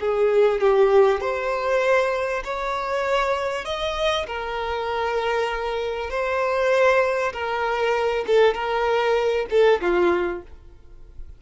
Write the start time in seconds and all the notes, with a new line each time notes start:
0.00 G#4
0.61 G4
1.21 C5
2.44 C#5
3.65 D#5
4.27 A#4
6.10 C5
7.33 A#4
8.27 A4
8.54 A#4
9.50 A4
9.81 F4